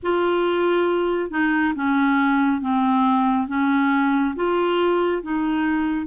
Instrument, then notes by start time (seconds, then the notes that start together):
clarinet
0.02 F4
1.30 D#4
1.75 C#4
2.61 C4
3.47 C#4
4.35 F4
5.22 D#4